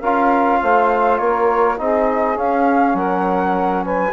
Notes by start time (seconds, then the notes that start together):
0.00 C#4 F4 A#4 F5
0.62 A3 C5
1.18 A#3 A#4 C#5
1.77 C4 D#4 G#4 D#5
2.35 C#4 F5
2.94 F#3 A#4 F#5
3.84 B4 G#5